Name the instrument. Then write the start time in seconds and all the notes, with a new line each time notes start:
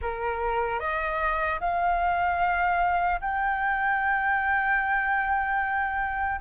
flute
0.01 A#4
0.79 D#5
1.60 F5
3.20 G5